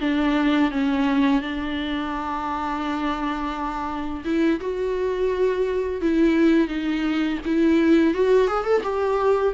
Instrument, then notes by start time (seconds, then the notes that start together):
viola
0.00 D4
0.71 C#4
1.41 D4
4.24 E4
4.60 F#4
6.01 E4
6.67 D#4
7.45 E4
8.14 F#4
8.47 G#4
8.64 A4
8.83 G4